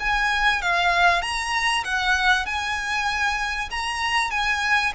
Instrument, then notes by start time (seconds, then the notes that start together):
violin
0.00 G#5
0.62 F5
1.22 A#5
1.84 F#5
2.46 G#5
3.71 A#5
4.31 G#5